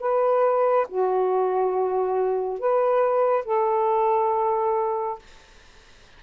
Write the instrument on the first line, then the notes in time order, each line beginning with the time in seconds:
saxophone
0.00 B4
0.89 F#4
2.60 B4
3.45 A4